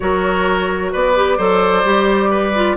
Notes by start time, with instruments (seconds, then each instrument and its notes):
0.00 bassoon F#3, clarinet F#4, oboe A#4, flute C#5
0.92 bassoon B3, oboe B4, flute D5
1.15 clarinet G4
1.37 bassoon F#3, clarinet A4, oboe C5
1.84 bassoon G3, clarinet G4
2.29 oboe B4
2.55 clarinet F4